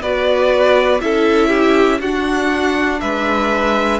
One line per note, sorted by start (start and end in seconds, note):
0.00 1.00 B3
0.00 1.01 F#4
0.00 1.01 B4
0.00 1.01 D5
1.01 2.00 C#4
1.01 2.01 E4
1.01 1.48 A4
1.01 2.01 E5
1.48 1.98 G4
2.00 3.00 D4
2.00 4.00 D4
2.00 3.00 F#4
2.00 3.00 F#5
3.00 4.00 G#3
3.00 4.00 B4
3.00 4.00 E5